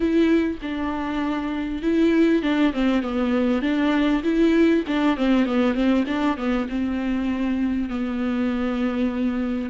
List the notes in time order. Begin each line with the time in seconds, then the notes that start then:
0.00 E4
0.61 D4
1.82 E4
2.42 D4
2.73 C4
3.02 B3
3.62 D4
4.23 E4
4.87 D4
5.16 C4
5.45 B3
5.74 C4
6.06 D4
6.37 B3
6.69 C4
7.89 B3